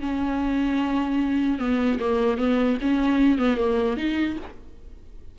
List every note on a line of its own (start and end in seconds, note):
0.00 1.58 C#4
1.58 1.98 B3
1.99 2.37 A#3
2.37 2.77 B3
2.81 3.38 C#4
3.38 3.57 B3
3.57 3.97 A#3
3.97 4.37 D#4